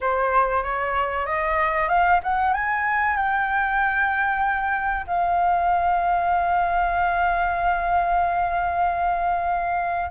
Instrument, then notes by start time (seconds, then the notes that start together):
flute
0.00 C5
0.63 C#5
1.25 D#5
1.88 F5
2.22 F#5
2.53 G#5
3.16 G5
5.06 F5